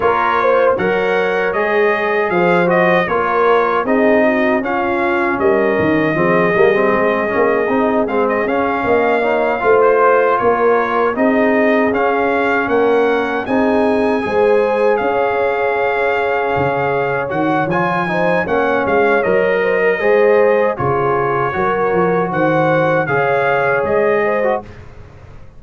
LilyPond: <<
  \new Staff \with { instrumentName = "trumpet" } { \time 4/4 \tempo 4 = 78 cis''4 fis''4 dis''4 f''8 dis''8 | cis''4 dis''4 f''4 dis''4~ | dis''2~ dis''8 f''16 dis''16 f''4~ | f''8. c''8. cis''4 dis''4 f''8~ |
f''8 fis''4 gis''2 f''8~ | f''2~ f''8 fis''8 gis''4 | fis''8 f''8 dis''2 cis''4~ | cis''4 fis''4 f''4 dis''4 | }
  \new Staff \with { instrumentName = "horn" } { \time 4/4 ais'8 c''8 cis''2 c''4 | ais'4 gis'8 fis'8 f'4 ais'4 | gis'2.~ gis'8 dis''8 | cis''8 c''4 ais'4 gis'4.~ |
gis'8 ais'4 gis'4 c''4 cis''8~ | cis''2.~ cis''8 c''8 | cis''4. c''16 ais'16 c''4 gis'4 | ais'4 c''4 cis''4. c''8 | }
  \new Staff \with { instrumentName = "trombone" } { \time 4/4 f'4 ais'4 gis'4. fis'8 | f'4 dis'4 cis'2 | c'8 ais16 c'8. cis'8 dis'8 c'8 cis'4 | dis'8 f'2 dis'4 cis'8~ |
cis'4. dis'4 gis'4.~ | gis'2~ gis'8 fis'8 f'8 dis'8 | cis'4 ais'4 gis'4 f'4 | fis'2 gis'4.~ gis'16 fis'16 | }
  \new Staff \with { instrumentName = "tuba" } { \time 4/4 ais4 fis4 gis4 f4 | ais4 c'4 cis'4 g8 dis8 | f8 g8 gis8 ais8 c'8 gis8 cis'8 ais8~ | ais8 a4 ais4 c'4 cis'8~ |
cis'8 ais4 c'4 gis4 cis'8~ | cis'4. cis4 dis8 f4 | ais8 gis8 fis4 gis4 cis4 | fis8 f8 dis4 cis4 gis4 | }
>>